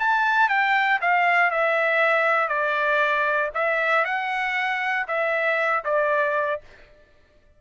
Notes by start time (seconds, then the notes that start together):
0.00 A5
0.49 G5
1.01 F5
1.51 E5
2.49 D5
3.55 E5
4.05 F#5
5.08 E5
5.85 D5